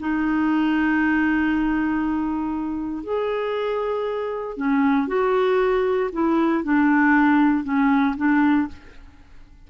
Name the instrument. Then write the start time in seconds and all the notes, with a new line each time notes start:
clarinet
0.00 D#4
3.04 G#4
4.57 C#4
5.08 F#4
6.13 E4
6.64 D4
7.64 C#4
8.17 D4